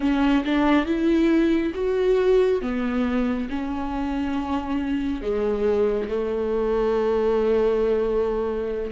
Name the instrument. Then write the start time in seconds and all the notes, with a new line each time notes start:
viola
0.00 C#4
0.44 D4
0.85 E4
1.74 F#4
2.61 B3
3.49 C#4
5.21 G#3
6.09 A3